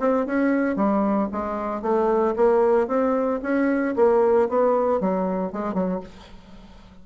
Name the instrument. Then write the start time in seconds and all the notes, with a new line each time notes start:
bassoon
0.00 C4
0.26 C#4
0.76 G3
1.32 G#3
1.82 A3
2.36 A#3
2.88 C4
3.43 C#4
3.96 A#3
4.49 B3
5.00 F#3
5.52 G#3
5.74 F#3